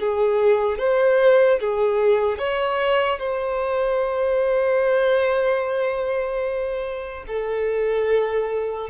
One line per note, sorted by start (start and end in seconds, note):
0.00 0.79 G#4
0.79 1.60 C5
1.60 2.39 G#4
2.39 3.20 C#5
3.20 7.25 C5
7.28 8.90 A4